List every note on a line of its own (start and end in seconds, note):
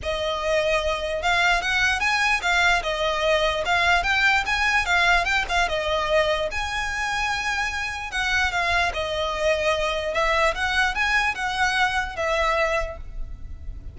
0.02 1.22 D#5
1.22 1.61 F5
1.61 2.00 F#5
2.00 2.40 G#5
2.41 2.82 F5
2.82 3.64 D#5
3.65 4.03 F5
4.03 4.43 G5
4.46 4.85 G#5
4.85 5.24 F5
5.24 5.45 G5
5.48 5.68 F5
5.68 6.49 D#5
6.51 8.11 G#5
8.11 8.51 F#5
8.51 8.92 F5
8.93 10.14 D#5
10.14 10.54 E5
10.54 10.94 F#5
10.94 11.35 G#5
11.35 12.16 F#5
12.16 12.97 E5